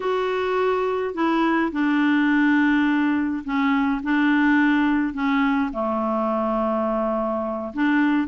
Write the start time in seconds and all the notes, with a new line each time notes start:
0.00 F#4
1.14 E4
1.72 D4
3.44 C#4
4.03 D4
5.13 C#4
5.72 A3
7.73 D4